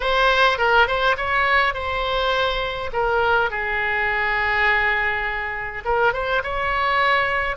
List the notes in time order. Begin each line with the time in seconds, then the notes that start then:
0.00 C5
0.57 A#4
0.87 C5
1.17 C#5
1.73 C5
2.93 A#4
3.50 G#4
5.85 A#4
6.13 C5
6.43 C#5